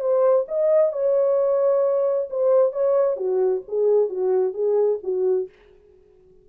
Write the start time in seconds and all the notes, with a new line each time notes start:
0.00 C5
0.48 D#5
0.92 C#5
2.30 C5
2.72 C#5
3.16 F#4
3.68 G#4
4.09 F#4
4.54 G#4
5.03 F#4